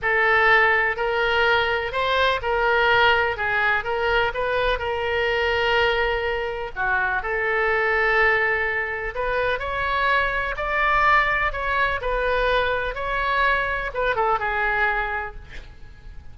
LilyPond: \new Staff \with { instrumentName = "oboe" } { \time 4/4 \tempo 4 = 125 a'2 ais'2 | c''4 ais'2 gis'4 | ais'4 b'4 ais'2~ | ais'2 fis'4 a'4~ |
a'2. b'4 | cis''2 d''2 | cis''4 b'2 cis''4~ | cis''4 b'8 a'8 gis'2 | }